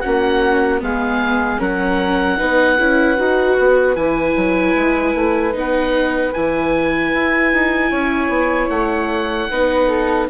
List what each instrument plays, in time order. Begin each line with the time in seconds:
0.00 viola C#4, flute F#4, oboe F#5
0.07 bassoon A#3
0.80 bassoon G#3, viola B3, flute G#4, oboe F5
1.59 bassoon F#3, viola C#4, flute A#4, oboe F#5
2.37 bassoon B3, viola D#4, flute B4
2.79 bassoon C#4, viola E4
3.17 bassoon D#4, viola F#4
3.59 bassoon B3
3.96 bassoon E3, viola E4, oboe G#5
4.36 bassoon F#3
4.75 bassoon G#3
5.15 bassoon A3
5.53 bassoon B3, viola D#4, oboe F#5
6.34 bassoon E3, viola E4, oboe G#5
7.14 bassoon E4
7.53 bassoon D#4
7.91 bassoon C#4, flute C#5
8.29 bassoon B3
8.70 bassoon A3, oboe F#5
9.50 bassoon B3, viola D#4, flute B4
9.88 flute A4